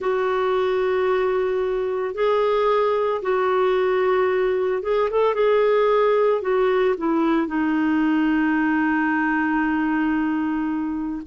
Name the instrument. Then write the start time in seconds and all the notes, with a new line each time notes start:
clarinet
0.00 F#4
2.14 G#4
3.21 F#4
4.82 G#4
5.10 A4
5.34 G#4
6.41 F#4
6.97 E4
7.47 D#4